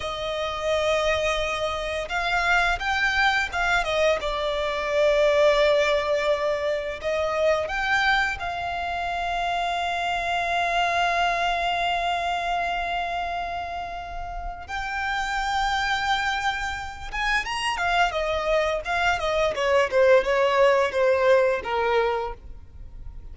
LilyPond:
\new Staff \with { instrumentName = "violin" } { \time 4/4 \tempo 4 = 86 dis''2. f''4 | g''4 f''8 dis''8 d''2~ | d''2 dis''4 g''4 | f''1~ |
f''1~ | f''4 g''2.~ | g''8 gis''8 ais''8 f''8 dis''4 f''8 dis''8 | cis''8 c''8 cis''4 c''4 ais'4 | }